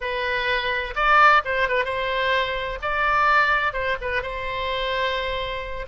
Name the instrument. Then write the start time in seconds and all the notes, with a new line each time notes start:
oboe
0.00 B4
0.95 D5
1.44 C5
1.68 B4
1.85 C5
2.82 D5
3.73 C5
4.01 B4
4.22 C5